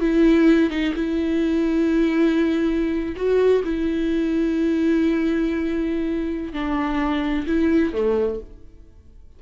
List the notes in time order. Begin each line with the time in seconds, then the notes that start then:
0.00 E4
0.70 D#4
0.94 E4
3.16 F#4
3.64 E4
6.53 D4
7.47 E4
7.93 A3